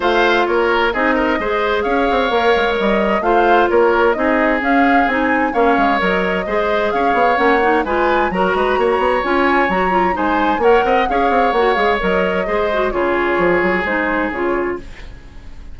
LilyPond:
<<
  \new Staff \with { instrumentName = "flute" } { \time 4/4 \tempo 4 = 130 f''4 cis''4 dis''2 | f''2 dis''4 f''4 | cis''4 dis''4 f''4 gis''4 | f''4 dis''2 f''4 |
fis''4 gis''4 ais''2 | gis''4 ais''4 gis''4 fis''4 | f''4 fis''8 f''8 dis''2 | cis''2 c''4 cis''4 | }
  \new Staff \with { instrumentName = "oboe" } { \time 4/4 c''4 ais'4 gis'8 ais'8 c''4 | cis''2. c''4 | ais'4 gis'2. | cis''2 c''4 cis''4~ |
cis''4 b'4 ais'8 b'8 cis''4~ | cis''2 c''4 cis''8 dis''8 | cis''2. c''4 | gis'1 | }
  \new Staff \with { instrumentName = "clarinet" } { \time 4/4 f'2 dis'4 gis'4~ | gis'4 ais'2 f'4~ | f'4 dis'4 cis'4 dis'4 | cis'4 ais'4 gis'2 |
cis'8 dis'8 f'4 fis'2 | f'4 fis'8 f'8 dis'4 ais'4 | gis'4 fis'8 gis'8 ais'4 gis'8 fis'8 | f'2 dis'4 f'4 | }
  \new Staff \with { instrumentName = "bassoon" } { \time 4/4 a4 ais4 c'4 gis4 | cis'8 c'8 ais8 gis8 g4 a4 | ais4 c'4 cis'4 c'4 | ais8 gis8 fis4 gis4 cis'8 b8 |
ais4 gis4 fis8 gis8 ais8 b8 | cis'4 fis4 gis4 ais8 c'8 | cis'8 c'8 ais8 gis8 fis4 gis4 | cis4 f8 fis8 gis4 cis4 | }
>>